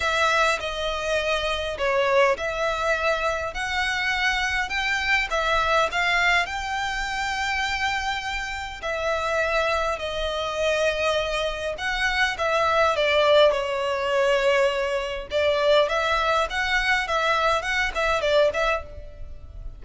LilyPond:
\new Staff \with { instrumentName = "violin" } { \time 4/4 \tempo 4 = 102 e''4 dis''2 cis''4 | e''2 fis''2 | g''4 e''4 f''4 g''4~ | g''2. e''4~ |
e''4 dis''2. | fis''4 e''4 d''4 cis''4~ | cis''2 d''4 e''4 | fis''4 e''4 fis''8 e''8 d''8 e''8 | }